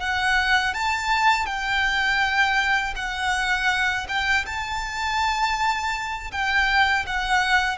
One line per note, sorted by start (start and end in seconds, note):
0.00 0.74 F#5
0.74 1.46 A5
1.46 2.94 G5
2.96 4.07 F#5
4.08 4.45 G5
4.46 6.31 A5
6.32 7.06 G5
7.06 7.77 F#5